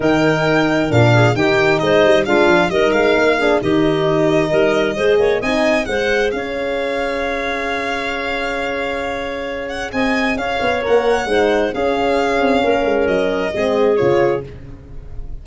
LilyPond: <<
  \new Staff \with { instrumentName = "violin" } { \time 4/4 \tempo 4 = 133 g''2 f''4 g''4 | dis''4 f''4 dis''8 f''4. | dis''1 | gis''4 fis''4 f''2~ |
f''1~ | f''4. fis''8 gis''4 f''4 | fis''2 f''2~ | f''4 dis''2 cis''4 | }
  \new Staff \with { instrumentName = "clarinet" } { \time 4/4 ais'2~ ais'8 gis'8 g'4 | c''4 f'4 ais'4. gis'8 | g'2 ais'4 c''8 cis''8 | dis''4 c''4 cis''2~ |
cis''1~ | cis''2 dis''4 cis''4~ | cis''4 c''4 gis'2 | ais'2 gis'2 | }
  \new Staff \with { instrumentName = "horn" } { \time 4/4 dis'2 d'4 dis'4~ | dis'4 d'4 dis'4. d'8 | dis'2. gis'4 | dis'4 gis'2.~ |
gis'1~ | gis'1 | ais'4 dis'4 cis'2~ | cis'2 c'4 f'4 | }
  \new Staff \with { instrumentName = "tuba" } { \time 4/4 dis2 ais,4 dis4 | gis8 g8 gis8 f8 g8 gis8 ais4 | dis2 g4 gis8 ais8 | c'4 gis4 cis'2~ |
cis'1~ | cis'2 c'4 cis'8 b8 | ais4 gis4 cis'4. c'8 | ais8 gis8 fis4 gis4 cis4 | }
>>